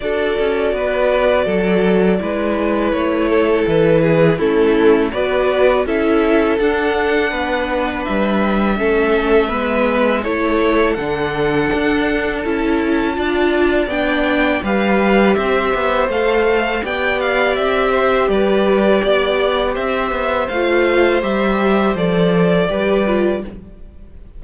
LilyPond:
<<
  \new Staff \with { instrumentName = "violin" } { \time 4/4 \tempo 4 = 82 d''1 | cis''4 b'4 a'4 d''4 | e''4 fis''2 e''4~ | e''2 cis''4 fis''4~ |
fis''4 a''2 g''4 | f''4 e''4 f''4 g''8 f''8 | e''4 d''2 e''4 | f''4 e''4 d''2 | }
  \new Staff \with { instrumentName = "violin" } { \time 4/4 a'4 b'4 a'4 b'4~ | b'8 a'4 gis'8 e'4 b'4 | a'2 b'2 | a'4 b'4 a'2~ |
a'2 d''2 | b'4 c''2 d''4~ | d''8 c''8 b'4 d''4 c''4~ | c''2. b'4 | }
  \new Staff \with { instrumentName = "viola" } { \time 4/4 fis'2. e'4~ | e'2 cis'4 fis'4 | e'4 d'2. | cis'4 b4 e'4 d'4~ |
d'4 e'4 f'4 d'4 | g'2 a'4 g'4~ | g'1 | f'4 g'4 a'4 g'8 f'8 | }
  \new Staff \with { instrumentName = "cello" } { \time 4/4 d'8 cis'8 b4 fis4 gis4 | a4 e4 a4 b4 | cis'4 d'4 b4 g4 | a4 gis4 a4 d4 |
d'4 cis'4 d'4 b4 | g4 c'8 b8 a4 b4 | c'4 g4 b4 c'8 b8 | a4 g4 f4 g4 | }
>>